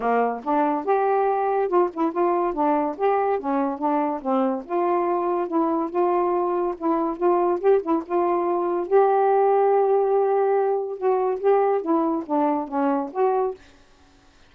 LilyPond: \new Staff \with { instrumentName = "saxophone" } { \time 4/4 \tempo 4 = 142 ais4 d'4 g'2 | f'8 e'8 f'4 d'4 g'4 | cis'4 d'4 c'4 f'4~ | f'4 e'4 f'2 |
e'4 f'4 g'8 e'8 f'4~ | f'4 g'2.~ | g'2 fis'4 g'4 | e'4 d'4 cis'4 fis'4 | }